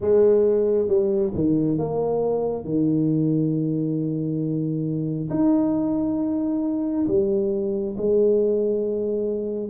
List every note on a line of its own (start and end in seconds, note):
0.00 0.88 G#3
0.88 1.32 G3
1.34 1.78 D#3
1.78 2.64 A#3
2.64 5.29 D#3
5.29 7.06 D#4
7.07 7.96 G3
7.97 9.69 G#3